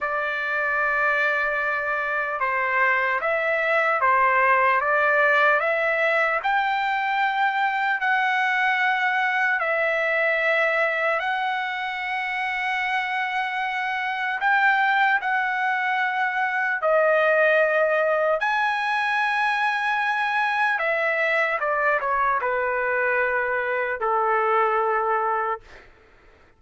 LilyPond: \new Staff \with { instrumentName = "trumpet" } { \time 4/4 \tempo 4 = 75 d''2. c''4 | e''4 c''4 d''4 e''4 | g''2 fis''2 | e''2 fis''2~ |
fis''2 g''4 fis''4~ | fis''4 dis''2 gis''4~ | gis''2 e''4 d''8 cis''8 | b'2 a'2 | }